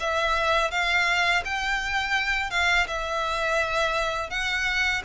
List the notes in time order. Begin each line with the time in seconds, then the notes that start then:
0.00 E5
0.71 F5
1.45 G5
2.51 F5
2.88 E5
4.30 F#5